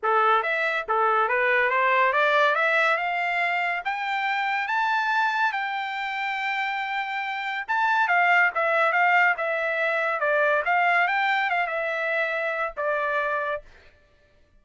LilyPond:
\new Staff \with { instrumentName = "trumpet" } { \time 4/4 \tempo 4 = 141 a'4 e''4 a'4 b'4 | c''4 d''4 e''4 f''4~ | f''4 g''2 a''4~ | a''4 g''2.~ |
g''2 a''4 f''4 | e''4 f''4 e''2 | d''4 f''4 g''4 f''8 e''8~ | e''2 d''2 | }